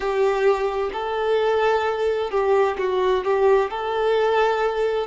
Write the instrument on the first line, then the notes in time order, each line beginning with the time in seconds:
violin
0.00 G4
0.92 A4
2.31 G4
2.78 F#4
3.24 G4
3.70 A4